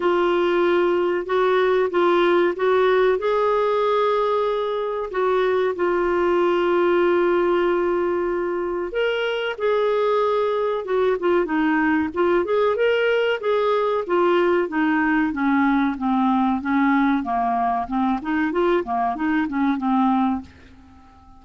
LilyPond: \new Staff \with { instrumentName = "clarinet" } { \time 4/4 \tempo 4 = 94 f'2 fis'4 f'4 | fis'4 gis'2. | fis'4 f'2.~ | f'2 ais'4 gis'4~ |
gis'4 fis'8 f'8 dis'4 f'8 gis'8 | ais'4 gis'4 f'4 dis'4 | cis'4 c'4 cis'4 ais4 | c'8 dis'8 f'8 ais8 dis'8 cis'8 c'4 | }